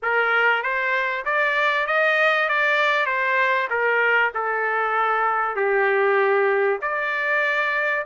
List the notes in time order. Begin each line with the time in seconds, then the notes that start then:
0.02 A#4
0.62 C5
1.25 D5
1.86 D#5
2.49 D5
3.06 C5
3.70 A#4
4.34 A4
5.56 G4
6.81 D5